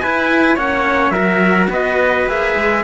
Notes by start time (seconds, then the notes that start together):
0.00 E4 B4 G#5
0.56 A#3 C#4 C#5 F#5
1.11 F#3 F#4 A#4 E5
1.70 B3 B4 D#5
2.27 A#3 G#4 E5
2.56 G#3